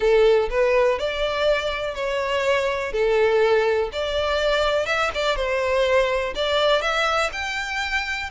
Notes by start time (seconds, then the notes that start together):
0.00 A4
0.49 B4
0.98 D5
1.94 C#5
2.92 A4
3.92 D5
4.85 E5
5.14 D5
5.35 C5
6.35 D5
6.81 E5
7.32 G5